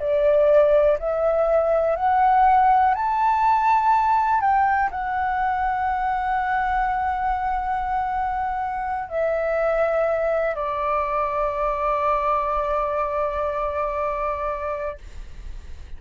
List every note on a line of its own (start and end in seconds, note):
0.00 0.98 D5
0.99 1.96 E5
1.96 2.94 F#5
2.94 4.41 A5
4.41 4.90 G5
4.91 9.09 F#5
9.09 10.55 E5
10.55 14.98 D5